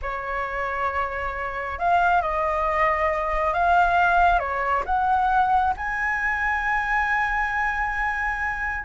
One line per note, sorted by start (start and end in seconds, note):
0.02 1.78 C#5
1.78 2.21 F5
2.21 3.53 D#5
3.53 4.39 F5
4.39 4.83 C#5
4.85 5.74 F#5
5.76 8.85 G#5